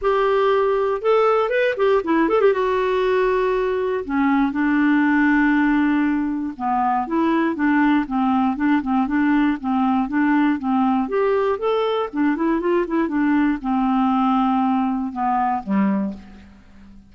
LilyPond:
\new Staff \with { instrumentName = "clarinet" } { \time 4/4 \tempo 4 = 119 g'2 a'4 b'8 g'8 | e'8 a'16 g'16 fis'2. | cis'4 d'2.~ | d'4 b4 e'4 d'4 |
c'4 d'8 c'8 d'4 c'4 | d'4 c'4 g'4 a'4 | d'8 e'8 f'8 e'8 d'4 c'4~ | c'2 b4 g4 | }